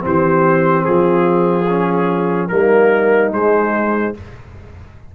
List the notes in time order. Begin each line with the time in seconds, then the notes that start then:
0.00 E3 C4 G4 C5
0.84 F3 F4 G#4
1.69 C#4
2.48 G3 A#3 D#4 A#4
3.32 G#3 C5